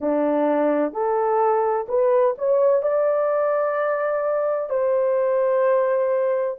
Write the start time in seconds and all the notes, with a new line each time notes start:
0.00 D4
0.92 A4
1.88 B4
2.38 C#5
2.82 D5
4.69 C5